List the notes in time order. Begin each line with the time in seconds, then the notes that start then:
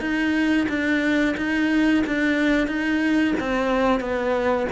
0.00 D#4
0.68 D4
1.37 D#4
2.06 D4
2.67 D#4
3.39 C4
4.00 B3